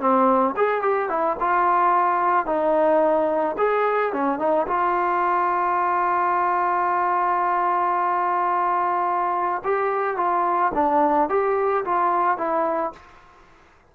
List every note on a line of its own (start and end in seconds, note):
0.00 0.55 C4
0.56 0.82 G#4
0.82 1.09 G4
1.09 1.36 E4
1.40 2.46 F4
2.46 3.56 D#4
3.58 4.13 G#4
4.13 4.39 C#4
4.39 4.66 D#4
4.67 9.63 F4
9.64 10.17 G4
10.17 10.72 F4
10.75 11.29 D4
11.29 11.84 G4
11.85 12.38 F4
12.38 12.92 E4